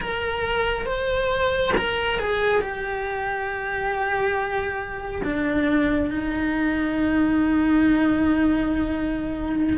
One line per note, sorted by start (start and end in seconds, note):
0.00 0.85 A#4
0.85 1.72 C5
1.77 2.19 A#4
2.19 2.61 G#4
2.61 5.22 G4
5.23 6.10 D4
6.10 9.77 D#4